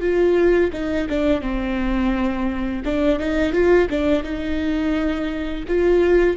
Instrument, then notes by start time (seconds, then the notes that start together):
viola
0.00 F4
0.73 D#4
1.09 D4
1.41 C4
2.84 D4
3.19 D#4
3.52 F4
3.90 D4
4.23 D#4
5.67 F4